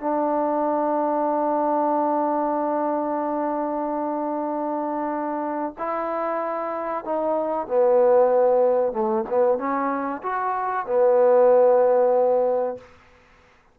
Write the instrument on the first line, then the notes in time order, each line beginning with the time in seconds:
trombone
0.00 D4
5.78 E4
7.05 D#4
7.67 B3
8.92 A3
9.29 B3
9.58 C#4
10.23 F#4
10.86 B3